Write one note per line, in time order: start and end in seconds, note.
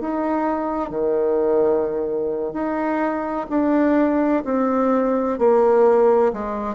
0.00 0.89 D#4
0.89 2.53 D#3
2.53 3.46 D#4
3.49 4.43 D4
4.44 5.38 C4
5.39 6.32 A#3
6.33 6.75 G#3